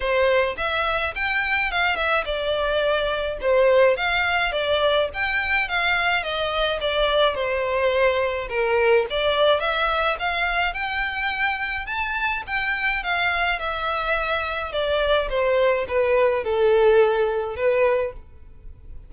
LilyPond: \new Staff \with { instrumentName = "violin" } { \time 4/4 \tempo 4 = 106 c''4 e''4 g''4 f''8 e''8 | d''2 c''4 f''4 | d''4 g''4 f''4 dis''4 | d''4 c''2 ais'4 |
d''4 e''4 f''4 g''4~ | g''4 a''4 g''4 f''4 | e''2 d''4 c''4 | b'4 a'2 b'4 | }